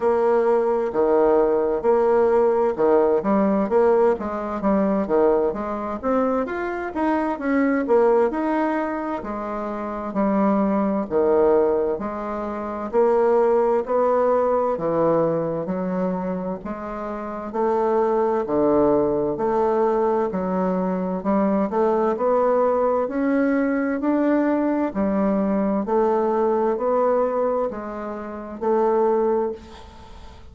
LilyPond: \new Staff \with { instrumentName = "bassoon" } { \time 4/4 \tempo 4 = 65 ais4 dis4 ais4 dis8 g8 | ais8 gis8 g8 dis8 gis8 c'8 f'8 dis'8 | cis'8 ais8 dis'4 gis4 g4 | dis4 gis4 ais4 b4 |
e4 fis4 gis4 a4 | d4 a4 fis4 g8 a8 | b4 cis'4 d'4 g4 | a4 b4 gis4 a4 | }